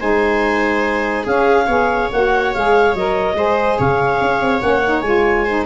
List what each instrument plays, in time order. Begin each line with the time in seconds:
0.00 tuba G#3, saxophone D#4, viola C5, clarinet G#5
1.24 saxophone C#4, tuba C#4, viola G#4, clarinet F5
1.67 tuba B3, saxophone G#4, viola C#5
2.12 tuba A#3, saxophone F#4, clarinet F#5
2.54 tuba G#3, saxophone G#4, clarinet F5
2.95 tuba F#3, saxophone A#4, clarinet D#5
3.35 tuba G#3, saxophone G#4, viola C5
3.79 tuba C#3, viola C#5, clarinet F5
4.21 tuba C#4
4.41 tuba C4
4.60 tuba A#3, saxophone C#4, clarinet F#5
4.85 saxophone D#4
5.01 tuba G#3, saxophone F4, clarinet G#5
5.45 saxophone D#4, viola C5